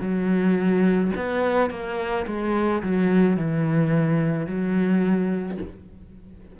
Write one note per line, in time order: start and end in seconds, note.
0.00 1.11 F#3
1.16 1.70 B3
1.70 2.25 A#3
2.26 2.82 G#3
2.82 3.36 F#3
3.36 4.46 E3
4.46 5.58 F#3